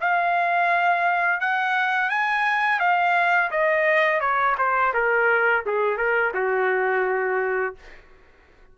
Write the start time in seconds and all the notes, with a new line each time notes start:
0.00 F5
1.40 F#5
2.09 G#5
2.79 F5
3.51 D#5
4.20 C#5
4.58 C5
4.93 A#4
5.66 G#4
5.97 A#4
6.34 F#4